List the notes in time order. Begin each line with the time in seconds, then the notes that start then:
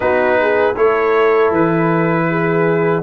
0.00 B3 D#4 F#4 B4
0.41 G#4
0.74 A3 E4 A4 C#5
1.51 E3 B4
2.29 G#4